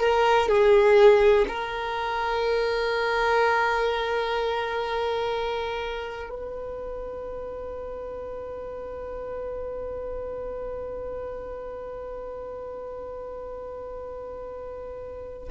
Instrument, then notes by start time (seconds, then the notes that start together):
violin
0.00 A#4
0.48 G#4
1.48 A#4
6.29 B4